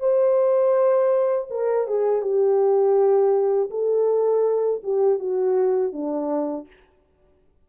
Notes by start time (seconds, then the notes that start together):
0.00 C5
1.51 A#4
1.88 G#4
2.22 G4
3.70 A4
4.84 G4
5.19 F#4
5.93 D4